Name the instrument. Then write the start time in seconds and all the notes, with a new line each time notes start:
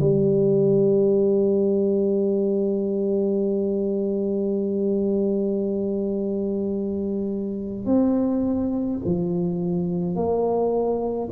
tuba
0.00 G3
7.86 C4
9.05 F3
10.16 A#3